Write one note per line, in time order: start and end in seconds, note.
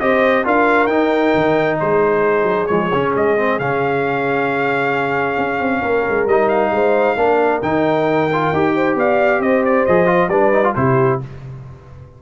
0.00 0.45 C4
0.00 0.45 G4
0.00 0.46 C5
0.00 0.45 D#5
0.45 0.87 D4
0.45 0.89 F4
0.45 1.80 A#4
0.45 0.87 F5
0.87 1.32 D#4
0.87 2.69 D#4
0.87 1.77 G5
1.35 1.80 D#3
1.80 2.44 G#3
1.80 5.82 G#4
1.80 2.67 C5
2.44 2.66 F#3
2.67 2.93 F3
2.67 2.92 G#3
2.67 3.12 C#5
2.93 3.15 C#3
2.93 3.38 C#4
3.15 3.60 G#3
3.15 3.59 D#5
3.38 3.60 C4
3.59 5.38 C#3
3.59 6.29 C#4
3.59 6.28 F5
5.38 5.60 C#4
5.60 5.82 C4
5.82 6.05 A#3
5.82 6.71 A#4
6.09 6.27 G#3
6.27 6.71 G3
6.27 7.17 D#4
6.27 6.49 D#5
6.49 7.61 F5
6.72 7.16 G#3
6.72 7.18 C5
7.17 7.62 A#3
7.17 7.62 D4
7.17 8.75 A#4
7.62 8.52 D#3
7.62 8.30 D#4
7.62 8.97 G5
8.33 8.55 F4
8.53 8.95 D#4
8.53 9.89 G4
8.75 8.98 C5
8.95 9.40 B3
8.95 9.42 D5
8.95 9.42 F5
9.40 9.85 C4
9.40 10.31 C5
9.40 9.64 D#5
9.65 9.86 D5
9.86 10.29 F3
9.86 10.07 G#4
9.86 10.29 D#5
10.07 10.29 F4
10.29 10.74 G3
10.29 10.54 D4
10.29 10.75 B4
10.29 10.74 D5
10.54 10.64 D#4
10.64 10.75 F4
10.75 11.21 C3
10.75 11.21 E4
10.75 11.22 G4
10.75 11.20 C5